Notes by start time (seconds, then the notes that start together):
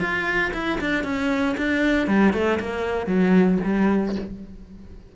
0.00 F4
0.53 E4
0.81 D4
1.04 C#4
1.58 D4
2.08 G3
2.33 A3
2.60 A#3
3.07 F#3
3.64 G3